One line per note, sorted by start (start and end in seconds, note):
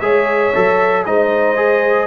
0.00 0.52 G#3
0.00 0.53 G#4
0.00 1.06 C#5
0.00 1.03 E5
0.54 1.06 F#3
0.54 1.06 A4
1.05 2.07 G#3
1.05 1.56 D#4
1.05 2.07 C5
1.05 2.07 D#5
1.56 2.07 G#4